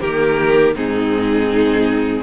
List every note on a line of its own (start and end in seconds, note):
0.00 0.75 D#3
0.00 0.74 A#3
0.00 0.74 G4
0.00 0.74 A#4
0.75 2.23 G#2
0.75 2.23 C4
0.75 2.23 D#4
0.75 2.23 G#4